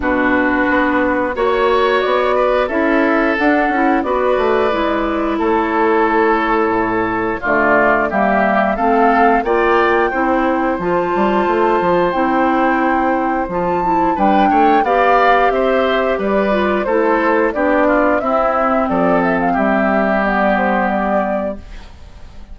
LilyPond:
<<
  \new Staff \with { instrumentName = "flute" } { \time 4/4 \tempo 4 = 89 b'2 cis''4 d''4 | e''4 fis''4 d''2 | cis''2. d''4 | e''4 f''4 g''2 |
a''2 g''2 | a''4 g''4 f''4 e''4 | d''4 c''4 d''4 e''4 | d''8 e''16 f''16 e''4 d''8 c''8 d''4 | }
  \new Staff \with { instrumentName = "oboe" } { \time 4/4 fis'2 cis''4. b'8 | a'2 b'2 | a'2. f'4 | g'4 a'4 d''4 c''4~ |
c''1~ | c''4 b'8 cis''8 d''4 c''4 | b'4 a'4 g'8 f'8 e'4 | a'4 g'2. | }
  \new Staff \with { instrumentName = "clarinet" } { \time 4/4 d'2 fis'2 | e'4 d'8 e'8 fis'4 e'4~ | e'2. a4 | ais4 c'4 f'4 e'4 |
f'2 e'2 | f'8 e'8 d'4 g'2~ | g'8 f'8 e'4 d'4 c'4~ | c'2 b2 | }
  \new Staff \with { instrumentName = "bassoon" } { \time 4/4 b,4 b4 ais4 b4 | cis'4 d'8 cis'8 b8 a8 gis4 | a2 a,4 d4 | g4 a4 ais4 c'4 |
f8 g8 a8 f8 c'2 | f4 g8 a8 b4 c'4 | g4 a4 b4 c'4 | f4 g2. | }
>>